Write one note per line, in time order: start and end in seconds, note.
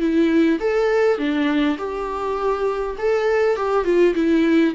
0.00 0.59 E4
0.60 1.18 A4
1.18 1.78 D4
1.78 2.96 G4
2.98 3.56 A4
3.56 3.85 G4
3.85 4.14 F4
4.15 4.74 E4